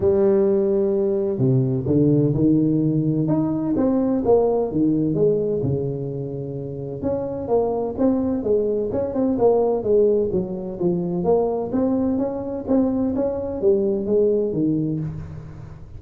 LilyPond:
\new Staff \with { instrumentName = "tuba" } { \time 4/4 \tempo 4 = 128 g2. c4 | d4 dis2 dis'4 | c'4 ais4 dis4 gis4 | cis2. cis'4 |
ais4 c'4 gis4 cis'8 c'8 | ais4 gis4 fis4 f4 | ais4 c'4 cis'4 c'4 | cis'4 g4 gis4 dis4 | }